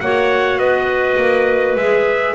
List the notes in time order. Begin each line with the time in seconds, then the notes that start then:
0.00 A#3 F#4 C#5 F#5
0.57 B3 B4 D#5
1.16 A#3
1.75 G#3 G#4 E5